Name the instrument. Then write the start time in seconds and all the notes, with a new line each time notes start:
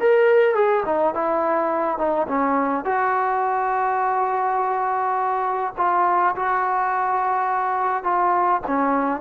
trombone
0.00 A#4
0.55 G#4
0.86 D#4
1.14 E4
1.98 D#4
2.28 C#4
2.85 F#4
5.77 F4
6.36 F#4
8.04 F4
8.67 C#4